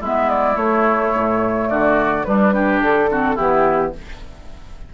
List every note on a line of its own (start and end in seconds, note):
0.00 0.56 G#3
0.00 0.55 B3
0.00 1.68 E4
0.00 0.30 E5
0.30 0.56 D5
0.55 2.23 A3
0.55 1.12 A3
0.55 1.68 C#5
1.15 1.70 A2
1.69 2.26 D3
1.69 2.26 F#4
1.69 2.25 D5
2.25 2.81 G3
2.25 2.54 G3
2.25 2.54 D4
2.25 2.81 B4
2.54 3.10 D4
2.54 3.10 G4
2.81 3.37 D3
2.81 3.37 A4
3.10 3.37 C4
3.10 3.35 F#4
3.35 3.94 E3
3.35 3.93 B3
3.35 3.91 E4
3.35 3.93 G4